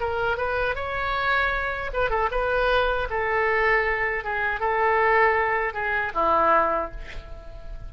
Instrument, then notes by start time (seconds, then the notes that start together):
oboe
0.00 A#4
0.37 B4
0.75 C#5
1.93 B4
2.10 A4
2.31 B4
3.10 A4
4.24 G#4
4.60 A4
5.74 G#4
6.14 E4